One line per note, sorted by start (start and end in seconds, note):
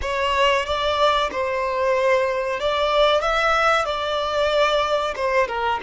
0.01 0.65 C#5
0.65 1.30 D5
1.31 2.60 C5
2.60 3.21 D5
3.21 3.85 E5
3.85 5.14 D5
5.15 5.47 C5
5.47 5.79 A#4